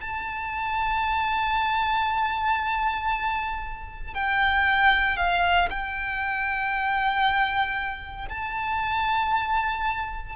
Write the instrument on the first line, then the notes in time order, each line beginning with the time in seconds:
violin
0.00 A5
4.14 G5
5.17 F5
5.70 G5
8.29 A5